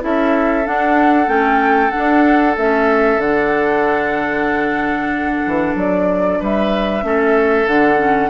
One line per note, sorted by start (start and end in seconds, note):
0.00 0.67 C#4
0.00 0.64 E4
0.00 6.40 A4
0.00 0.67 E5
0.64 1.26 D4
0.64 1.28 D4
0.64 1.29 F#5
1.26 1.91 A3
1.26 1.90 C#4
1.26 1.90 G5
1.90 2.56 D4
1.90 2.54 F#5
1.98 2.57 D4
2.57 3.17 A3
2.57 3.21 C#4
2.57 3.20 E5
3.17 5.40 D3
3.17 7.02 D4
3.17 5.76 F#5
5.46 5.75 E3
5.75 6.39 F#3
5.75 6.42 D5
6.40 7.03 G3
6.40 7.04 B4
6.40 7.68 E5
7.02 7.67 A3
7.02 7.66 C#4
7.02 8.30 A4
7.67 8.30 D3
7.67 7.97 D4
7.67 8.30 F#5
7.97 8.29 C#4